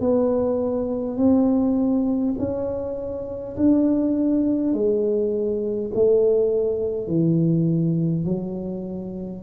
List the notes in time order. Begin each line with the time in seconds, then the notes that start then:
0.00 B3
1.17 C4
2.39 C#4
3.56 D4
4.73 G#3
5.94 A3
7.07 E3
8.25 F#3